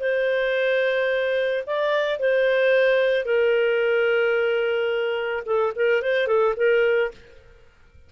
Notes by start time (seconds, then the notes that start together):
0.00 C5
1.66 D5
2.19 C5
3.25 A#4
5.45 A4
5.75 A#4
6.02 C5
6.27 A4
6.56 A#4